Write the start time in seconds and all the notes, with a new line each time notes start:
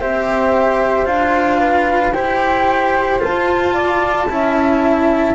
0.00 C4 G4 C5 E5
1.05 D4 F4 F5
1.59 B4
2.12 E4 G4 C5 G5
3.19 F4 A5
3.73 D5
4.29 C#4 E4 E5